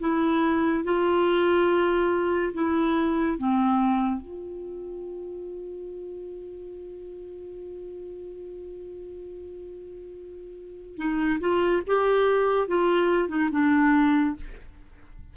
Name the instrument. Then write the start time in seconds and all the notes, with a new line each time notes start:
clarinet
0.00 E4
0.84 F4
2.54 E4
3.38 C4
4.21 F4
10.97 D#4
11.40 F4
11.87 G4
12.68 F4
13.29 D#4
13.51 D4